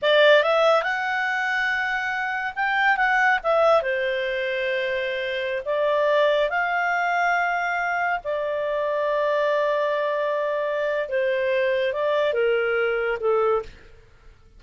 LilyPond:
\new Staff \with { instrumentName = "clarinet" } { \time 4/4 \tempo 4 = 141 d''4 e''4 fis''2~ | fis''2 g''4 fis''4 | e''4 c''2.~ | c''4~ c''16 d''2 f''8.~ |
f''2.~ f''16 d''8.~ | d''1~ | d''2 c''2 | d''4 ais'2 a'4 | }